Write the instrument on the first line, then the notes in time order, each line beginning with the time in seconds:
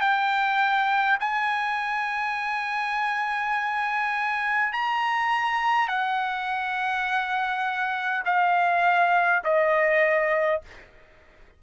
trumpet
0.00 G5
1.20 G#5
4.73 A#5
5.88 F#5
8.25 F5
9.44 D#5